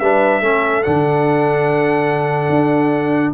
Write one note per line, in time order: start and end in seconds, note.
0.00 0.41 G3
0.00 0.42 D4
0.00 0.42 B4
0.00 0.83 E5
0.41 0.82 A3
0.41 0.84 C#4
0.41 3.34 A4
0.83 2.50 D3
0.83 3.34 D4
0.83 3.33 F#5
2.50 3.33 D4